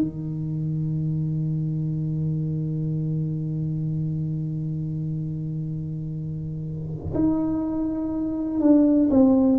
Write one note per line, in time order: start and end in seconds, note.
0.00 7.13 D#3
7.14 8.60 D#4
8.60 9.09 D4
9.10 9.59 C4